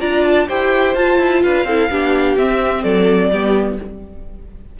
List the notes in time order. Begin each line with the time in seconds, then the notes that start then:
0.00 D4 F4 D5 A#5
0.25 A5
0.48 E4 G4 C5 G5
0.95 F4 A5
1.19 E4
1.43 D4 B4 F5
1.64 C4 E4 A4
1.91 B3 D4 G4
2.37 C4 E5
2.83 F#3 A4 D5
3.31 G3 B3 G4